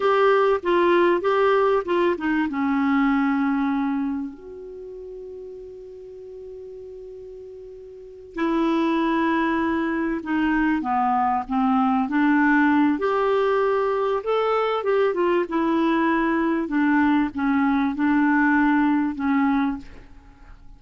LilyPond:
\new Staff \with { instrumentName = "clarinet" } { \time 4/4 \tempo 4 = 97 g'4 f'4 g'4 f'8 dis'8 | cis'2. fis'4~ | fis'1~ | fis'4. e'2~ e'8~ |
e'8 dis'4 b4 c'4 d'8~ | d'4 g'2 a'4 | g'8 f'8 e'2 d'4 | cis'4 d'2 cis'4 | }